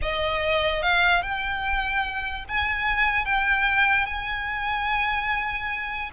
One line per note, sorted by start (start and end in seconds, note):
0.01 0.82 D#5
0.82 1.22 F5
1.22 2.45 G5
2.48 3.25 G#5
3.25 4.05 G5
4.05 6.09 G#5